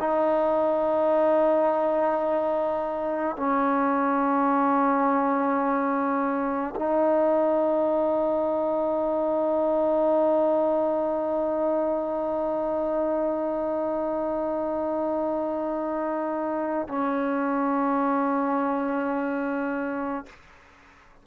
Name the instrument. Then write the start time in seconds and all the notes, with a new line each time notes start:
trombone
0.00 D#4
3.37 C#4
6.76 D#4
16.89 C#4